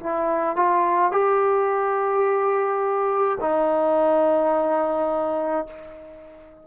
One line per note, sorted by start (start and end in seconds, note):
0.00 0.56 E4
0.56 1.12 F4
1.12 3.38 G4
3.40 5.67 D#4